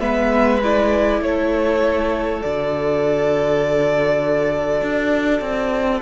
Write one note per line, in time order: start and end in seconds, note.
0.00 1.21 G#3
0.00 0.60 B3
0.00 1.20 B4
0.00 0.60 E5
0.63 2.42 E4
0.63 1.23 D5
1.21 2.41 A3
1.21 6.01 A4
1.21 2.42 C#5
2.42 4.82 D3
2.42 6.01 F#4
2.42 6.01 D5
4.82 5.41 D4
5.41 6.00 C4